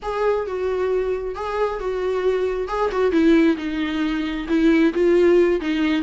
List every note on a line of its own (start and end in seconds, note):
0.02 0.46 G#4
0.46 1.35 F#4
1.35 1.79 G#4
1.79 2.68 F#4
2.68 2.90 G#4
2.91 3.11 F#4
3.11 3.56 E4
3.57 4.46 D#4
4.48 4.93 E4
4.93 5.60 F4
5.61 6.02 D#4